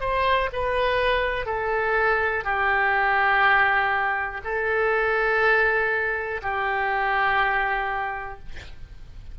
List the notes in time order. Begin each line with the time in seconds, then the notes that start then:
0.00 C5
0.53 B4
1.46 A4
2.45 G4
4.44 A4
6.42 G4